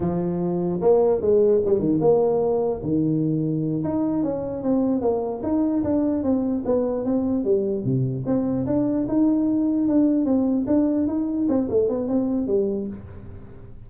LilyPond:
\new Staff \with { instrumentName = "tuba" } { \time 4/4 \tempo 4 = 149 f2 ais4 gis4 | g8 dis8 ais2 dis4~ | dis4. dis'4 cis'4 c'8~ | c'8 ais4 dis'4 d'4 c'8~ |
c'8 b4 c'4 g4 c8~ | c8 c'4 d'4 dis'4.~ | dis'8 d'4 c'4 d'4 dis'8~ | dis'8 c'8 a8 b8 c'4 g4 | }